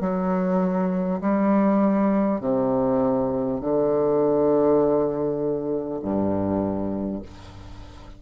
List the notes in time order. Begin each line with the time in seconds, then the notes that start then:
0.00 F#3
1.21 G3
2.40 C3
3.60 D3
6.02 G2